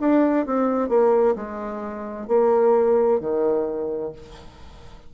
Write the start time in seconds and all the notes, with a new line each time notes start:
0.00 D4
0.46 C4
0.89 A#3
1.36 G#3
2.27 A#3
3.20 D#3